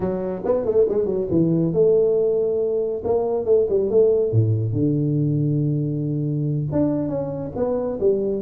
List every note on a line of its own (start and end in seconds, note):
0.00 0.42 F#3
0.44 0.65 B3
0.65 0.86 A3
0.88 1.05 G#3
1.05 1.27 F#3
1.30 1.73 E3
1.73 3.02 A3
3.04 3.45 A#3
3.45 3.66 A3
3.69 3.90 G3
3.90 4.32 A3
4.32 4.72 A2
4.72 6.67 D3
6.71 7.08 D4
7.08 7.51 C#4
7.56 7.99 B3
8.00 8.42 G3